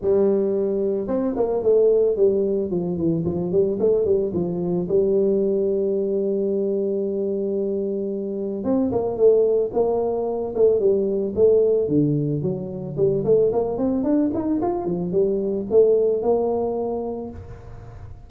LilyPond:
\new Staff \with { instrumentName = "tuba" } { \time 4/4 \tempo 4 = 111 g2 c'8 ais8 a4 | g4 f8 e8 f8 g8 a8 g8 | f4 g2.~ | g1 |
c'8 ais8 a4 ais4. a8 | g4 a4 d4 fis4 | g8 a8 ais8 c'8 d'8 dis'8 f'8 f8 | g4 a4 ais2 | }